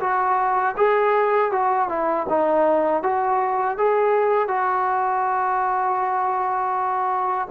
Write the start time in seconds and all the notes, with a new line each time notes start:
0.00 F#4
0.77 G#4
1.51 F#4
1.89 E4
2.29 D#4
3.03 F#4
3.78 G#4
4.48 F#4